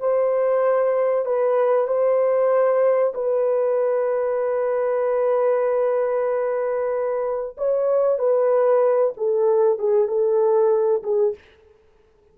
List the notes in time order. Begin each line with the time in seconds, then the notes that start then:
0.00 C5
1.26 B4
1.88 C5
3.15 B4
7.58 C#5
8.19 B4
9.17 A4
9.79 G#4
10.08 A4
11.03 G#4